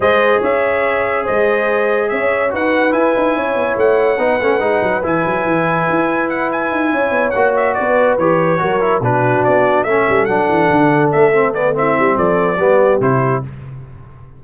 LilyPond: <<
  \new Staff \with { instrumentName = "trumpet" } { \time 4/4 \tempo 4 = 143 dis''4 e''2 dis''4~ | dis''4 e''4 fis''4 gis''4~ | gis''4 fis''2. | gis''2. fis''8 gis''8~ |
gis''4. fis''8 e''8 d''4 cis''8~ | cis''4. b'4 d''4 e''8~ | e''8 fis''2 e''4 d''8 | e''4 d''2 c''4 | }
  \new Staff \with { instrumentName = "horn" } { \time 4/4 c''4 cis''2 c''4~ | c''4 cis''4 b'2 | cis''2 b'2~ | b'1~ |
b'8 cis''2 b'4.~ | b'8 ais'4 fis'2 a'8~ | a'1 | e'4 a'4 g'2 | }
  \new Staff \with { instrumentName = "trombone" } { \time 4/4 gis'1~ | gis'2 fis'4 e'4~ | e'2 dis'8 cis'8 dis'4 | e'1~ |
e'4. fis'2 g'8~ | g'8 fis'8 e'8 d'2 cis'8~ | cis'8 d'2~ d'8 c'8 b8 | c'2 b4 e'4 | }
  \new Staff \with { instrumentName = "tuba" } { \time 4/4 gis4 cis'2 gis4~ | gis4 cis'4 dis'4 e'8 dis'8 | cis'8 b8 a4 b8 a8 gis8 fis8 | e8 fis8 e4 e'2 |
dis'8 cis'8 b8 ais4 b4 e8~ | e8 fis4 b,4 b4 a8 | g8 fis8 e8 d4 a4.~ | a8 g8 f4 g4 c4 | }
>>